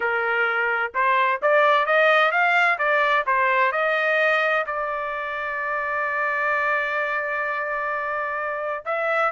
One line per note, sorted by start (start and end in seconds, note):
0.00 0.92 A#4
0.94 1.40 C5
1.42 1.86 D5
1.86 2.31 D#5
2.31 2.78 F5
2.78 3.24 D5
3.26 3.72 C5
3.72 4.65 D#5
4.66 8.85 D5
8.85 9.31 E5